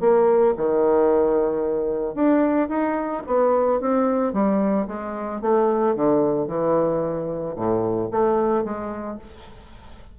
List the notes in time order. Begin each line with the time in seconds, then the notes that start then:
0.00 A#3
0.57 D#3
2.14 D4
2.69 D#4
3.26 B3
3.80 C4
4.33 G3
4.87 G#3
5.41 A3
5.95 D3
6.47 E3
7.56 A2
8.11 A3
8.64 G#3